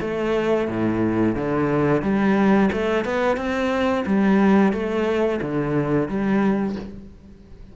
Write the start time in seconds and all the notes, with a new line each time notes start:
0.00 A3
0.68 A2
1.35 D3
2.02 G3
2.72 A3
3.04 B3
3.36 C4
4.06 G3
4.72 A3
5.41 D3
6.08 G3